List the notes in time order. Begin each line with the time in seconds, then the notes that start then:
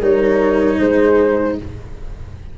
0.00 G3 D#4 A#4 C#5
0.79 G#3 G#4 C5